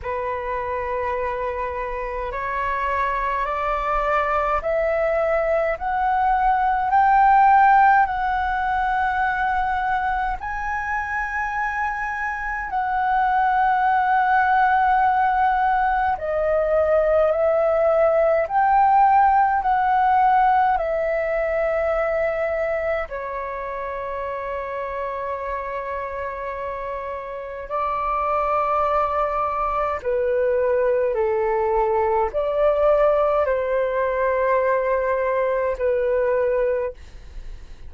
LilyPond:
\new Staff \with { instrumentName = "flute" } { \time 4/4 \tempo 4 = 52 b'2 cis''4 d''4 | e''4 fis''4 g''4 fis''4~ | fis''4 gis''2 fis''4~ | fis''2 dis''4 e''4 |
g''4 fis''4 e''2 | cis''1 | d''2 b'4 a'4 | d''4 c''2 b'4 | }